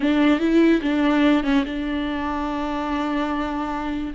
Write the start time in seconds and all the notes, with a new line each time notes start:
0.00 D4
0.39 E4
0.82 D4
1.43 C#4
1.65 D4